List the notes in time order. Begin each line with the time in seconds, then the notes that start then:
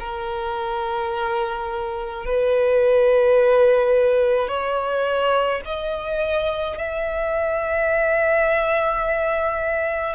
0.00 A#4
2.26 B4
4.48 C#5
5.66 D#5
6.78 E5